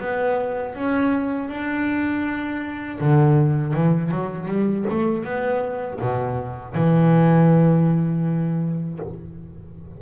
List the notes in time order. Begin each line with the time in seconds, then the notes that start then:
0.00 B3
0.75 C#4
1.49 D4
3.01 D3
3.74 E3
4.11 F#3
4.48 G3
4.90 A3
5.25 B3
6.01 B2
6.75 E3